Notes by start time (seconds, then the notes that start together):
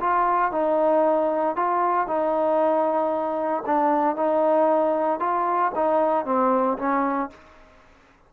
0.00 F4
0.52 D#4
1.56 F4
2.07 D#4
3.66 D4
4.16 D#4
5.20 F4
5.75 D#4
6.25 C4
6.78 C#4